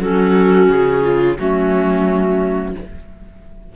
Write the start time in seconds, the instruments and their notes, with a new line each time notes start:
0.00 cello F#3, clarinet C#4 A4, viola F#4
0.69 cello C#3, clarinet G#4
1.02 viola F4
1.37 cello F#3, clarinet A3 F#4, viola C#4